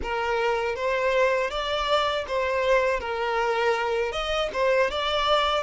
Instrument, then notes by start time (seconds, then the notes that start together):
violin
0.02 A#4
0.75 C5
1.50 D5
2.27 C5
3.00 A#4
4.11 D#5
4.53 C5
4.90 D5